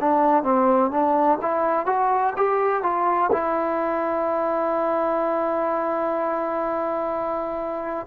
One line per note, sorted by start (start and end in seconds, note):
0.00 0.43 D4
0.43 0.90 C4
0.91 1.39 D4
1.42 1.86 E4
1.86 2.34 F#4
2.36 2.83 G4
2.83 3.30 F4
3.32 8.06 E4